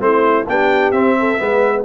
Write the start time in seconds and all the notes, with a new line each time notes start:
0.00 A3 C4 E4 C5
0.48 B3 D4 G4 G5
0.92 C4 E5
1.19 A4
1.39 G#3 B3 B4